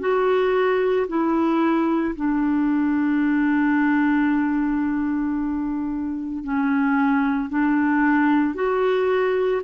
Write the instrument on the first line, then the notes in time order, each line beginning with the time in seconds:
clarinet
0.00 F#4
1.08 E4
2.15 D4
6.44 C#4
7.50 D4
8.55 F#4